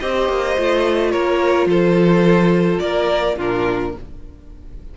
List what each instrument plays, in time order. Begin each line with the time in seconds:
0.00 cello C4, viola G4, violin C5 D#5
0.29 cello A#3
0.57 cello A3, viola F4
1.11 cello A#3, violin A#4 C#5
1.66 cello F3, violin A4 C5
2.79 cello A#3, violin A#4 D5
3.37 cello A#2, viola D4, violin F4 A#4